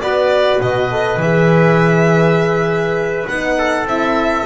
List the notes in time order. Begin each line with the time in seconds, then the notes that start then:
0.00 B3 F#4 B4 D5
0.61 B2 D#5
0.90 A4
1.17 E3 G#4 E5
3.27 B3 D#4 F#5
3.58 A4
3.85 C4 E4 E5